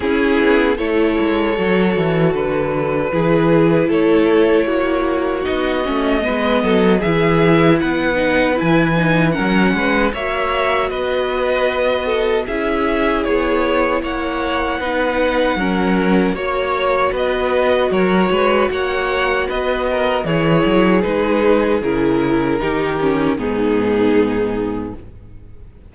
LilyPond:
<<
  \new Staff \with { instrumentName = "violin" } { \time 4/4 \tempo 4 = 77 gis'4 cis''2 b'4~ | b'4 cis''2 dis''4~ | dis''4 e''4 fis''4 gis''4 | fis''4 e''4 dis''2 |
e''4 cis''4 fis''2~ | fis''4 cis''4 dis''4 cis''4 | fis''4 dis''4 cis''4 b'4 | ais'2 gis'2 | }
  \new Staff \with { instrumentName = "violin" } { \time 4/4 e'4 a'2. | gis'4 a'4 fis'2 | b'8 a'8 gis'4 b'2 | ais'8 b'8 cis''4 b'4. a'8 |
gis'2 cis''4 b'4 | ais'4 cis''4 b'4 ais'8 b'8 | cis''4 b'8 ais'8 gis'2~ | gis'4 g'4 dis'2 | }
  \new Staff \with { instrumentName = "viola" } { \time 4/4 cis'4 e'4 fis'2 | e'2. dis'8 cis'8 | b4 e'4. dis'8 e'8 dis'8 | cis'4 fis'2. |
e'2. dis'4 | cis'4 fis'2.~ | fis'2 e'4 dis'4 | e'4 dis'8 cis'8 b2 | }
  \new Staff \with { instrumentName = "cello" } { \time 4/4 cis'8 b8 a8 gis8 fis8 e8 d4 | e4 a4 ais4 b8 a8 | gis8 fis8 e4 b4 e4 | fis8 gis8 ais4 b2 |
cis'4 b4 ais4 b4 | fis4 ais4 b4 fis8 gis8 | ais4 b4 e8 fis8 gis4 | cis4 dis4 gis,2 | }
>>